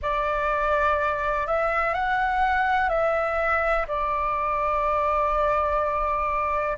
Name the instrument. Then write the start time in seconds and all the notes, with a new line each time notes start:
flute
0.01 D5
1.46 E5
1.94 F#5
2.89 E5
3.87 D5